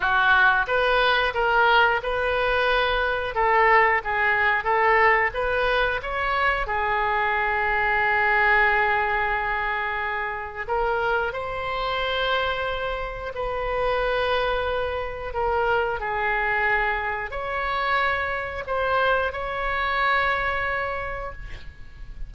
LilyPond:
\new Staff \with { instrumentName = "oboe" } { \time 4/4 \tempo 4 = 90 fis'4 b'4 ais'4 b'4~ | b'4 a'4 gis'4 a'4 | b'4 cis''4 gis'2~ | gis'1 |
ais'4 c''2. | b'2. ais'4 | gis'2 cis''2 | c''4 cis''2. | }